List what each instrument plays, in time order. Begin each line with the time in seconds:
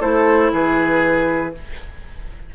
0.00 bassoon A3, clarinet E4, oboe A4, flute C5
0.53 bassoon E3, oboe G#4, flute B4